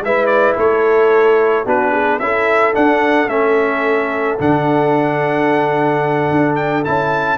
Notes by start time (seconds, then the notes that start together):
0.00 G#3 E4 B4 E5
0.26 D5
0.57 A3 A4 C#5
1.65 B3 D4 F#4 B4
1.92 G#4
2.19 C#4 E4 A4 E5
2.73 D4 F#5
3.27 A3 C#4 E5
4.39 D3 D4 F#5
6.31 D4
6.55 G5
6.84 C#4 E4 A5